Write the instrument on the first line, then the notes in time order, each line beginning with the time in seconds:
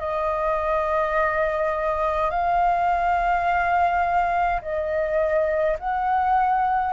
flute
0.00 D#5
2.30 F5
4.62 D#5
5.80 F#5